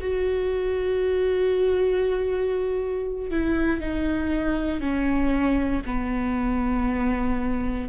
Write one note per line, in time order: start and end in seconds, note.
0.00 3.30 F#4
3.30 3.80 E4
3.80 4.80 D#4
4.80 5.82 C#4
5.85 7.89 B3